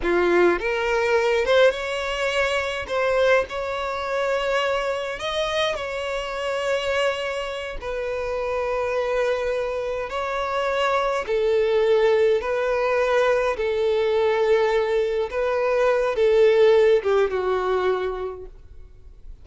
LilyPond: \new Staff \with { instrumentName = "violin" } { \time 4/4 \tempo 4 = 104 f'4 ais'4. c''8 cis''4~ | cis''4 c''4 cis''2~ | cis''4 dis''4 cis''2~ | cis''4. b'2~ b'8~ |
b'4. cis''2 a'8~ | a'4. b'2 a'8~ | a'2~ a'8 b'4. | a'4. g'8 fis'2 | }